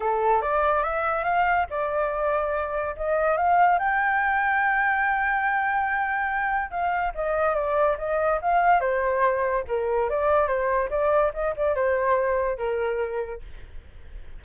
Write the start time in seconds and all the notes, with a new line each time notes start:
0.00 A4
0.41 D5
0.83 E5
1.24 F5
1.69 D5
2.96 D#5
3.37 F5
3.78 G5
6.70 F5
7.14 D#5
7.54 D5
7.98 D#5
8.41 F5
8.80 C5
9.67 A#4
10.09 D5
10.47 C5
10.90 D5
11.33 D#5
11.56 D5
11.75 C5
12.57 A#4